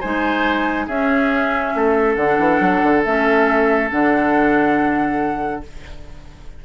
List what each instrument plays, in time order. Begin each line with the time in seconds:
0.00 bassoon G#3, clarinet D#4, oboe C5, flute G#5
0.87 bassoon C#4, clarinet C#4, oboe G#4, flute E5
1.75 bassoon A3, oboe A4
2.15 bassoon D3, flute F#5
2.23 clarinet D4
2.39 bassoon E3
2.60 bassoon F#3
2.83 bassoon D3
3.04 bassoon A3, clarinet C#4, flute E5
3.90 bassoon D3, clarinet D4, flute F#5